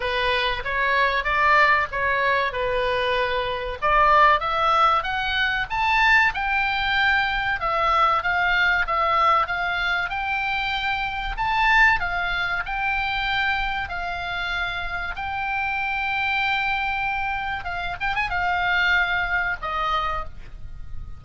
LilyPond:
\new Staff \with { instrumentName = "oboe" } { \time 4/4 \tempo 4 = 95 b'4 cis''4 d''4 cis''4 | b'2 d''4 e''4 | fis''4 a''4 g''2 | e''4 f''4 e''4 f''4 |
g''2 a''4 f''4 | g''2 f''2 | g''1 | f''8 g''16 gis''16 f''2 dis''4 | }